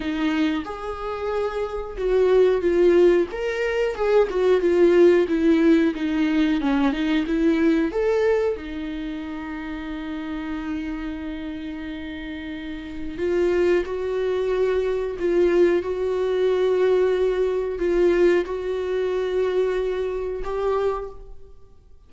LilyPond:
\new Staff \with { instrumentName = "viola" } { \time 4/4 \tempo 4 = 91 dis'4 gis'2 fis'4 | f'4 ais'4 gis'8 fis'8 f'4 | e'4 dis'4 cis'8 dis'8 e'4 | a'4 dis'2.~ |
dis'1 | f'4 fis'2 f'4 | fis'2. f'4 | fis'2. g'4 | }